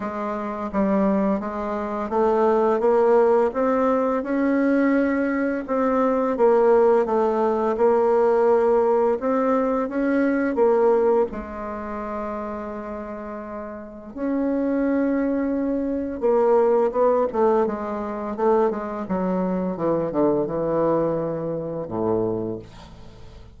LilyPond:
\new Staff \with { instrumentName = "bassoon" } { \time 4/4 \tempo 4 = 85 gis4 g4 gis4 a4 | ais4 c'4 cis'2 | c'4 ais4 a4 ais4~ | ais4 c'4 cis'4 ais4 |
gis1 | cis'2. ais4 | b8 a8 gis4 a8 gis8 fis4 | e8 d8 e2 a,4 | }